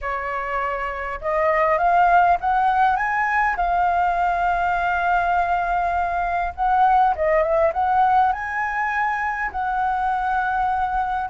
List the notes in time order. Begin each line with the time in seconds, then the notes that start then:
0.01 C#5
1.21 D#5
1.78 F5
2.40 F#5
2.96 G#5
3.56 F5
6.55 F#5
7.15 D#5
7.42 E5
7.73 F#5
8.32 G#5
9.51 F#5